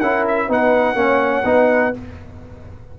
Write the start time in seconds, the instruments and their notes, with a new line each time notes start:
0.00 tuba C#4, trombone E4, horn A#4, trumpet F#5
0.28 trumpet E5
0.48 tuba B3, trombone D#4, horn B4, trumpet F#5
0.95 tuba A#3, trombone C#4, horn C#5
1.45 tuba B3, trombone D#4, horn B4